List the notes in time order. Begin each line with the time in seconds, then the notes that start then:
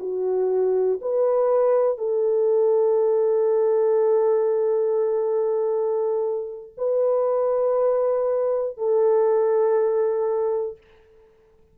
0.00 F#4
1.01 B4
1.98 A4
6.78 B4
8.78 A4